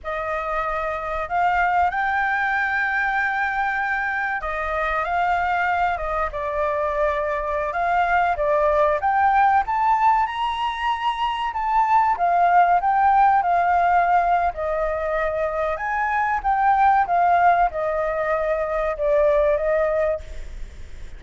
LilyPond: \new Staff \with { instrumentName = "flute" } { \time 4/4 \tempo 4 = 95 dis''2 f''4 g''4~ | g''2. dis''4 | f''4. dis''8 d''2~ | d''16 f''4 d''4 g''4 a''8.~ |
a''16 ais''2 a''4 f''8.~ | f''16 g''4 f''4.~ f''16 dis''4~ | dis''4 gis''4 g''4 f''4 | dis''2 d''4 dis''4 | }